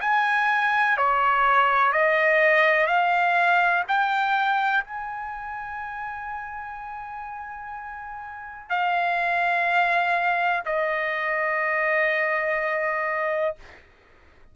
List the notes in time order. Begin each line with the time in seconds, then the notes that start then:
0.00 G#5
0.97 C#5
1.92 D#5
2.86 F5
3.88 G5
4.83 G#5
8.69 F5
10.65 D#5